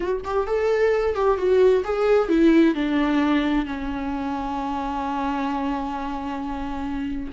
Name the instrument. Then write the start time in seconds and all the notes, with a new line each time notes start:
viola
0.00 F#4
0.24 G4
0.46 A4
1.15 G4
1.37 F#4
1.84 G#4
2.29 E4
2.74 D4
3.65 C#4